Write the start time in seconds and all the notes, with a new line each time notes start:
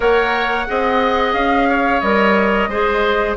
0.00 A#3 A#4 C#5 F#5
0.66 C4 G#4 D#5
1.33 C#4 F5
1.69 C#5
2.00 G3 A#4 D#5
2.67 G#3 G#4 C5